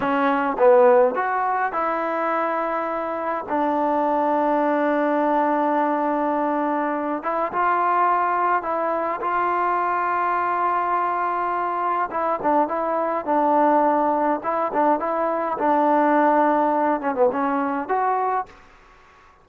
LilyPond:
\new Staff \with { instrumentName = "trombone" } { \time 4/4 \tempo 4 = 104 cis'4 b4 fis'4 e'4~ | e'2 d'2~ | d'1~ | d'8 e'8 f'2 e'4 |
f'1~ | f'4 e'8 d'8 e'4 d'4~ | d'4 e'8 d'8 e'4 d'4~ | d'4. cis'16 b16 cis'4 fis'4 | }